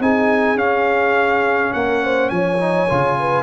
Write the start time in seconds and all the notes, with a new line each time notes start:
0.00 C4 D#4 G#4 G#5
0.56 C#4 F5
1.73 A#3 A#4 F#5
2.03 C5
2.30 F3 C#5 G#5
2.59 D#4
2.89 C#3 F4
3.19 B4